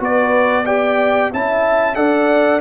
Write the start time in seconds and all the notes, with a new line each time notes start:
0.00 B3 F#4 B4 D5
0.65 G4 D5 G5
1.32 C#4 E4 E5 A5
1.95 D4 A4 D5 F#5